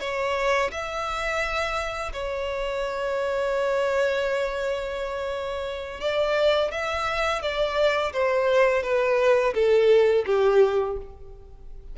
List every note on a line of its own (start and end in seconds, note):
0.00 0.71 C#5
0.71 2.12 E5
2.13 6.00 C#5
6.00 6.71 D5
6.71 7.42 E5
7.42 8.12 D5
8.13 8.83 C5
8.83 9.53 B4
9.54 10.24 A4
10.26 10.97 G4